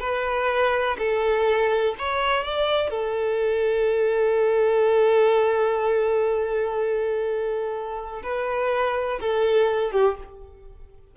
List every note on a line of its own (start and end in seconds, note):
0.00 0.97 B4
0.98 1.95 A4
1.98 2.43 C#5
2.43 2.90 D5
2.90 8.22 A4
8.23 9.20 B4
9.20 9.92 A4
9.92 10.16 G4